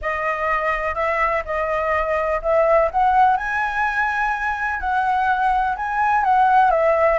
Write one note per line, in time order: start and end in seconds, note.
0.01 0.94 D#5
0.94 1.42 E5
1.45 2.41 D#5
2.42 2.90 E5
2.91 3.36 F#5
3.36 4.80 G#5
4.80 5.76 F#5
5.76 6.24 G#5
6.24 6.71 F#5
6.71 7.18 E5